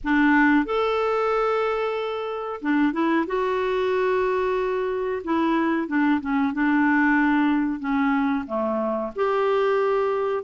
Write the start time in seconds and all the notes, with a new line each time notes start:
0.04 D4
0.65 A4
2.61 D4
2.93 E4
3.26 F#4
5.24 E4
5.87 D4
6.20 C#4
6.53 D4
7.79 C#4
8.46 A3
9.15 G4